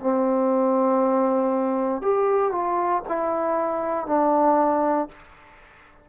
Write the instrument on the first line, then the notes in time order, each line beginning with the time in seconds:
trombone
0.00 C4
2.01 G4
2.51 F4
3.08 E4
4.06 D4